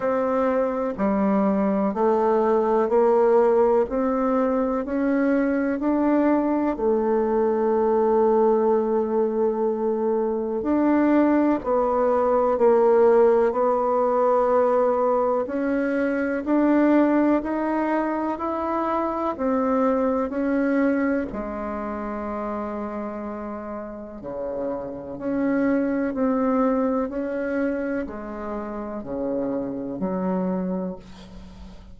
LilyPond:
\new Staff \with { instrumentName = "bassoon" } { \time 4/4 \tempo 4 = 62 c'4 g4 a4 ais4 | c'4 cis'4 d'4 a4~ | a2. d'4 | b4 ais4 b2 |
cis'4 d'4 dis'4 e'4 | c'4 cis'4 gis2~ | gis4 cis4 cis'4 c'4 | cis'4 gis4 cis4 fis4 | }